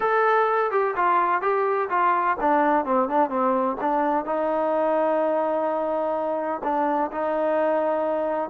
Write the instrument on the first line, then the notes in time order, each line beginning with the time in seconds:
trombone
0.00 A4
0.71 G4
0.96 F4
1.41 G4
1.89 F4
2.40 D4
2.85 C4
3.08 D4
3.29 C4
3.80 D4
4.25 D#4
6.63 D4
7.11 D#4